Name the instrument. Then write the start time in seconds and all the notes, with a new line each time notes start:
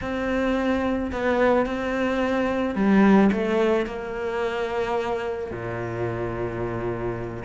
cello
0.01 C4
1.12 B3
1.65 C4
2.75 G3
3.32 A3
3.86 A#3
5.51 A#2